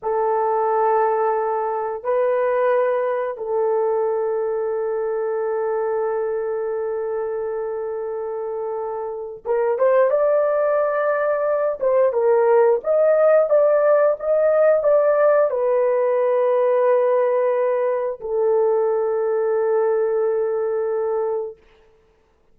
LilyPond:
\new Staff \with { instrumentName = "horn" } { \time 4/4 \tempo 4 = 89 a'2. b'4~ | b'4 a'2.~ | a'1~ | a'2 ais'8 c''8 d''4~ |
d''4. c''8 ais'4 dis''4 | d''4 dis''4 d''4 b'4~ | b'2. a'4~ | a'1 | }